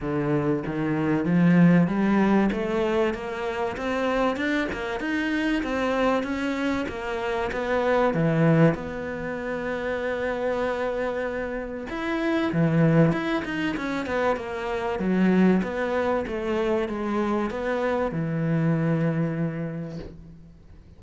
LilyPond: \new Staff \with { instrumentName = "cello" } { \time 4/4 \tempo 4 = 96 d4 dis4 f4 g4 | a4 ais4 c'4 d'8 ais8 | dis'4 c'4 cis'4 ais4 | b4 e4 b2~ |
b2. e'4 | e4 e'8 dis'8 cis'8 b8 ais4 | fis4 b4 a4 gis4 | b4 e2. | }